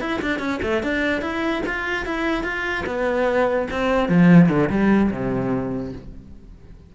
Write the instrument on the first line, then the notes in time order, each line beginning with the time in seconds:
cello
0.00 E4
0.21 D4
0.39 C#4
0.62 A3
0.83 D4
1.21 E4
1.66 F4
2.05 E4
2.43 F4
2.86 B3
3.71 C4
4.08 F3
4.49 D3
4.69 G3
5.10 C3